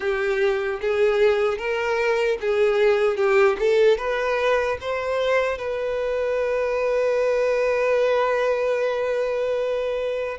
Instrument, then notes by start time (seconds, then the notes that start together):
violin
0.00 G4
0.81 G#4
1.58 A#4
2.40 G#4
3.16 G4
3.59 A4
3.97 B4
4.80 C5
5.57 B4